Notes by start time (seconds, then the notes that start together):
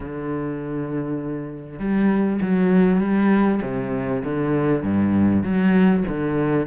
0.00 D3
1.79 G3
2.41 F#3
3.00 G3
3.62 C3
4.24 D3
4.83 G2
5.43 F#3
6.08 D3